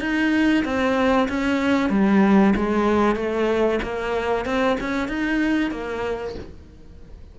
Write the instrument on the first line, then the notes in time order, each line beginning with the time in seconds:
cello
0.00 D#4
0.64 C4
1.29 C#4
1.89 G3
2.56 G#3
3.15 A3
3.82 A#3
4.45 C4
4.80 C#4
5.08 D#4
5.71 A#3